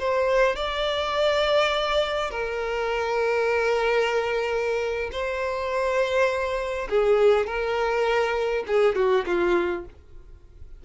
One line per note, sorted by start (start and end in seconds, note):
0.00 0.56 C5
0.56 2.31 D5
2.31 5.11 A#4
5.12 6.89 C5
6.90 7.47 G#4
7.47 8.65 A#4
8.67 8.96 G#4
8.96 9.25 F#4
9.27 9.86 F4